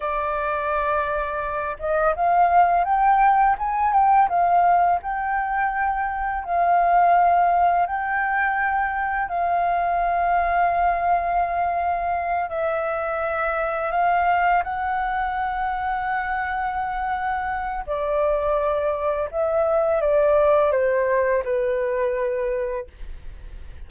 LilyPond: \new Staff \with { instrumentName = "flute" } { \time 4/4 \tempo 4 = 84 d''2~ d''8 dis''8 f''4 | g''4 gis''8 g''8 f''4 g''4~ | g''4 f''2 g''4~ | g''4 f''2.~ |
f''4. e''2 f''8~ | f''8 fis''2.~ fis''8~ | fis''4 d''2 e''4 | d''4 c''4 b'2 | }